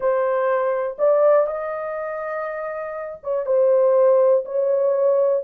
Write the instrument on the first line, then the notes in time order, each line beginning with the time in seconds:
horn
0.00 C5
0.98 D5
1.46 D#5
3.23 C#5
3.46 C5
4.45 C#5